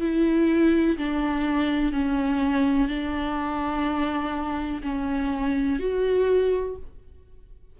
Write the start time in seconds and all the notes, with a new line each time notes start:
0.00 E4
0.97 D4
1.92 C#4
2.88 D4
4.83 C#4
5.79 F#4